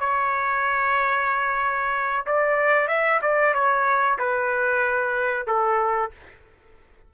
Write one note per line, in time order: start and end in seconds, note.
0.00 2.26 C#5
2.26 2.88 D5
2.88 3.20 E5
3.22 3.54 D5
3.54 4.18 C#5
4.19 5.47 B4
5.47 6.11 A4